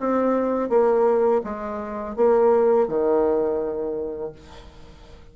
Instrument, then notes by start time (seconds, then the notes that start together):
bassoon
0.00 C4
0.69 A#3
1.44 G#3
2.17 A#3
2.88 D#3